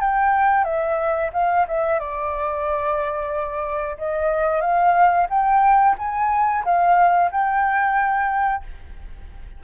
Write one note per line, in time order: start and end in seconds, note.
0.00 0.64 G5
0.64 1.30 E5
1.33 1.66 F5
1.68 1.99 E5
1.99 3.97 D5
3.97 4.61 D#5
4.61 5.27 F5
5.30 5.96 G5
5.98 6.64 G#5
6.64 7.30 F5
7.31 8.63 G5